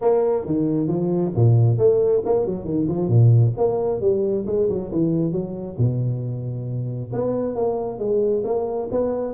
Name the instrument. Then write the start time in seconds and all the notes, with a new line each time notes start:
tuba
0.01 A#3
0.45 D#3
0.87 F3
1.35 A#2
1.78 A3
2.25 A#3
2.45 F#3
2.64 D#3
2.88 F3
3.08 A#2
3.57 A#3
4.00 G3
4.46 G#3
4.69 F#3
4.91 E3
5.32 F#3
5.78 B2
7.13 B3
7.55 A#3
7.98 G#3
8.44 A#3
8.91 B3